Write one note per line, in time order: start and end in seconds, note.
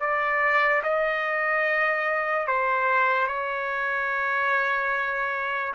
0.00 0.82 D5
0.83 2.47 D#5
2.47 3.27 C5
3.27 5.73 C#5